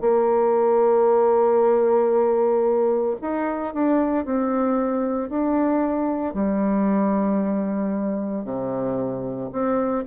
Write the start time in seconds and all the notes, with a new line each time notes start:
0.00 A#3
3.21 D#4
3.74 D4
4.25 C4
5.29 D4
6.33 G3
8.44 C3
9.52 C4